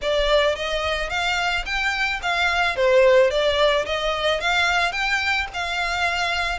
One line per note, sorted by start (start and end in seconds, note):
0.01 0.55 D5
0.55 1.09 D#5
1.09 1.64 F5
1.65 2.20 G5
2.22 2.76 F5
2.76 3.30 C5
3.30 3.85 D5
3.85 4.40 D#5
4.40 4.91 F5
4.91 5.46 G5
5.53 6.58 F5